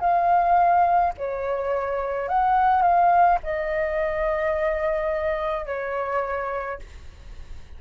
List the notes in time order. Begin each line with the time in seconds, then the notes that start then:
0.00 F5
1.17 C#5
2.28 F#5
2.82 F5
3.43 D#5
5.66 C#5